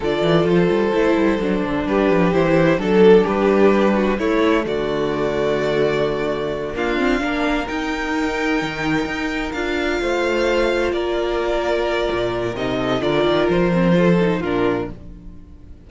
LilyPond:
<<
  \new Staff \with { instrumentName = "violin" } { \time 4/4 \tempo 4 = 129 d''4 c''2. | b'4 c''4 a'4 b'4~ | b'4 cis''4 d''2~ | d''2~ d''8 f''4.~ |
f''8 g''2.~ g''8~ | g''8 f''2. d''8~ | d''2. dis''4 | d''4 c''2 ais'4 | }
  \new Staff \with { instrumentName = "violin" } { \time 4/4 a'1 | g'2 a'4 g'4~ | g'8 fis'8 e'4 fis'2~ | fis'2~ fis'8 f'4 ais'8~ |
ais'1~ | ais'4. c''2 ais'8~ | ais'2.~ ais'8 a'8 | ais'2 a'4 f'4 | }
  \new Staff \with { instrumentName = "viola" } { \time 4/4 f'2 e'4 d'4~ | d'4 e'4 d'2~ | d'4 a2.~ | a2~ a8 ais8 c'8 d'8~ |
d'8 dis'2.~ dis'8~ | dis'8 f'2.~ f'8~ | f'2. dis'4 | f'4. c'8 f'8 dis'8 d'4 | }
  \new Staff \with { instrumentName = "cello" } { \time 4/4 d8 e8 f8 g8 a8 g8 fis8 d8 | g8 f8 e4 fis4 g4~ | g4 a4 d2~ | d2~ d8 d'4 ais8~ |
ais8 dis'2 dis4 dis'8~ | dis'8 d'4 a2 ais8~ | ais2 ais,4 c4 | d8 dis8 f2 ais,4 | }
>>